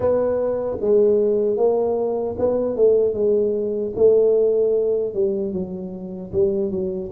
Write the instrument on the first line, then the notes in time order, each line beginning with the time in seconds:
tuba
0.00 B3
0.80 G#3
1.56 A#3
2.38 B3
2.76 A3
3.13 G#3
3.95 A3
5.14 G3
5.53 F#3
6.32 G3
6.70 F#3